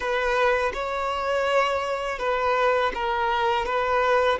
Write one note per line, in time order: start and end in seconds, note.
0.00 0.72 B4
0.73 2.19 C#5
2.19 2.92 B4
2.94 3.65 A#4
3.65 4.38 B4